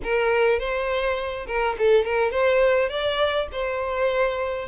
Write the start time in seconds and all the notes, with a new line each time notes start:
0.03 A#4
0.59 C5
1.46 A#4
1.78 A4
2.04 A#4
2.31 C5
2.89 D5
3.52 C5